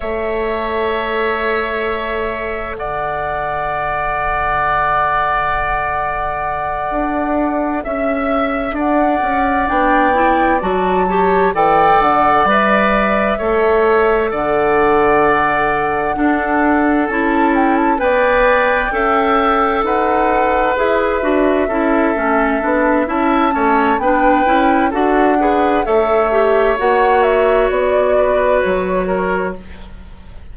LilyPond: <<
  \new Staff \with { instrumentName = "flute" } { \time 4/4 \tempo 4 = 65 e''2. fis''4~ | fis''1~ | fis''8 e''4 fis''4 g''4 a''8~ | a''8 g''8 fis''8 e''2 fis''8~ |
fis''2~ fis''8 a''8 g''16 a''16 g''8~ | g''4. fis''4 e''4.~ | e''4 a''4 g''4 fis''4 | e''4 fis''8 e''8 d''4 cis''4 | }
  \new Staff \with { instrumentName = "oboe" } { \time 4/4 cis''2. d''4~ | d''1~ | d''8 e''4 d''2~ d''8 | cis''8 d''2 cis''4 d''8~ |
d''4. a'2 d''8~ | d''8 e''4 b'2 a'8~ | a'4 e''8 cis''8 b'4 a'8 b'8 | cis''2~ cis''8 b'4 ais'8 | }
  \new Staff \with { instrumentName = "clarinet" } { \time 4/4 a'1~ | a'1~ | a'2~ a'8 d'8 e'8 fis'8 | g'8 a'4 b'4 a'4.~ |
a'4. d'4 e'4 b'8~ | b'8 a'2 gis'8 fis'8 e'8 | cis'8 d'8 e'8 cis'8 d'8 e'8 fis'8 gis'8 | a'8 g'8 fis'2. | }
  \new Staff \with { instrumentName = "bassoon" } { \time 4/4 a2. d4~ | d2.~ d8 d'8~ | d'8 cis'4 d'8 cis'8 b4 fis8~ | fis8 e8 d8 g4 a4 d8~ |
d4. d'4 cis'4 b8~ | b8 cis'4 dis'4 e'8 d'8 cis'8 | a8 b8 cis'8 a8 b8 cis'8 d'4 | a4 ais4 b4 fis4 | }
>>